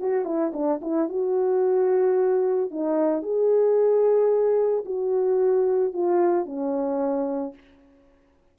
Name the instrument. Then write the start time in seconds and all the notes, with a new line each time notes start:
horn
0.00 F#4
0.25 E4
0.54 D4
0.82 E4
1.09 F#4
2.71 D#4
3.23 G#4
4.86 F#4
5.94 F4
6.46 C#4